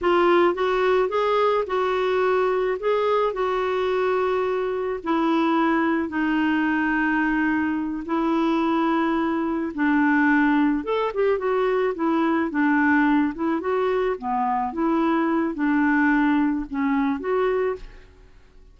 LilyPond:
\new Staff \with { instrumentName = "clarinet" } { \time 4/4 \tempo 4 = 108 f'4 fis'4 gis'4 fis'4~ | fis'4 gis'4 fis'2~ | fis'4 e'2 dis'4~ | dis'2~ dis'8 e'4.~ |
e'4. d'2 a'8 | g'8 fis'4 e'4 d'4. | e'8 fis'4 b4 e'4. | d'2 cis'4 fis'4 | }